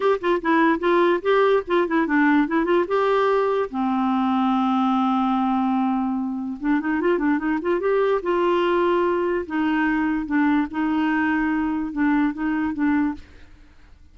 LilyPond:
\new Staff \with { instrumentName = "clarinet" } { \time 4/4 \tempo 4 = 146 g'8 f'8 e'4 f'4 g'4 | f'8 e'8 d'4 e'8 f'8 g'4~ | g'4 c'2.~ | c'1 |
d'8 dis'8 f'8 d'8 dis'8 f'8 g'4 | f'2. dis'4~ | dis'4 d'4 dis'2~ | dis'4 d'4 dis'4 d'4 | }